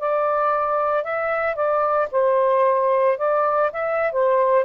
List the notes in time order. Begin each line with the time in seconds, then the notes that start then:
0.00 D5
1.04 E5
1.56 D5
2.12 C5
3.18 D5
3.73 E5
4.12 C5